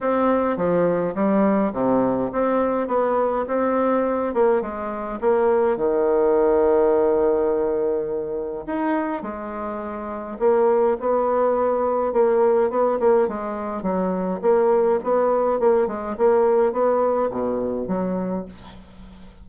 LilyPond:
\new Staff \with { instrumentName = "bassoon" } { \time 4/4 \tempo 4 = 104 c'4 f4 g4 c4 | c'4 b4 c'4. ais8 | gis4 ais4 dis2~ | dis2. dis'4 |
gis2 ais4 b4~ | b4 ais4 b8 ais8 gis4 | fis4 ais4 b4 ais8 gis8 | ais4 b4 b,4 fis4 | }